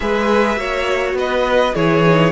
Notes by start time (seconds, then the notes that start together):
0.00 G#3 G#4 B4 E5
0.56 A#3 F#4 C#5
1.13 B3 B4 D#5
1.73 E3 E4 G#4 C#5
2.06 D#4